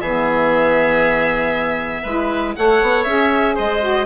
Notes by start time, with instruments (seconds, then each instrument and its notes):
0.00 bassoon E3, saxophone B3, oboe G#4, violin E5
2.02 bassoon G#3, saxophone E4, oboe B4
2.55 bassoon A3, saxophone A4, oboe C#5, violin F#5
2.82 bassoon B3
3.04 bassoon C#4, saxophone G#4, violin E5
3.55 bassoon G#3, oboe C5, violin D#5
3.81 saxophone F#4